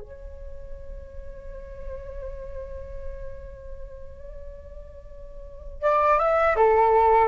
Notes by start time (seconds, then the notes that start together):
0.00 C#5
5.82 D5
6.19 E5
6.56 A4